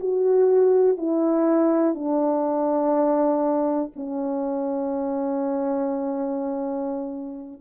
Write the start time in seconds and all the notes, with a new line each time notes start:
0.00 F#4
0.98 E4
1.95 D4
3.96 C#4